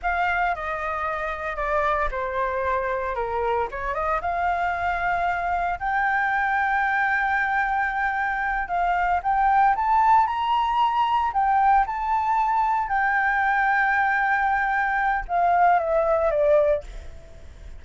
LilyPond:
\new Staff \with { instrumentName = "flute" } { \time 4/4 \tempo 4 = 114 f''4 dis''2 d''4 | c''2 ais'4 cis''8 dis''8 | f''2. g''4~ | g''1~ |
g''8 f''4 g''4 a''4 ais''8~ | ais''4. g''4 a''4.~ | a''8 g''2.~ g''8~ | g''4 f''4 e''4 d''4 | }